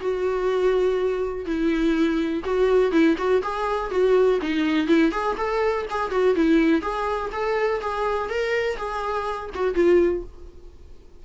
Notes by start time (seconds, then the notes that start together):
0.00 F#4
1.46 E4
2.44 F#4
2.91 E4
3.17 F#4
3.42 G#4
3.90 F#4
4.41 D#4
4.87 E4
5.12 G#4
5.37 A4
5.90 G#4
6.11 F#4
6.35 E4
6.82 G#4
7.32 A4
7.81 G#4
8.29 A#4
8.77 G#4
9.55 F#4
9.74 F4